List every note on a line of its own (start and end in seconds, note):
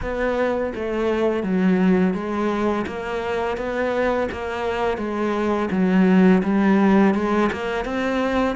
0.02 0.73 B3
0.74 1.43 A3
1.43 2.14 F#3
2.14 2.85 G#3
2.86 3.57 A#3
3.57 4.28 B3
4.31 4.97 A#3
4.97 5.69 G#3
5.70 6.42 F#3
6.43 7.14 G3
7.14 7.50 G#3
7.52 7.84 A#3
7.84 8.56 C4